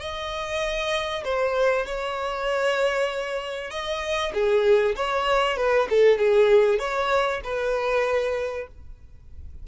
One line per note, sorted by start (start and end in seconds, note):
0.00 1.24 D#5
1.24 1.86 C5
1.86 3.70 C#5
3.70 4.32 D#5
4.34 4.95 G#4
4.96 5.57 C#5
5.57 5.88 B4
5.90 6.18 A4
6.18 6.79 G#4
6.79 7.41 C#5
7.43 8.67 B4